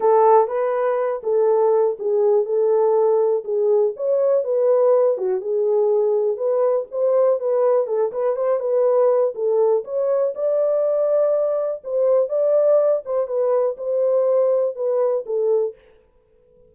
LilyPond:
\new Staff \with { instrumentName = "horn" } { \time 4/4 \tempo 4 = 122 a'4 b'4. a'4. | gis'4 a'2 gis'4 | cis''4 b'4. fis'8 gis'4~ | gis'4 b'4 c''4 b'4 |
a'8 b'8 c''8 b'4. a'4 | cis''4 d''2. | c''4 d''4. c''8 b'4 | c''2 b'4 a'4 | }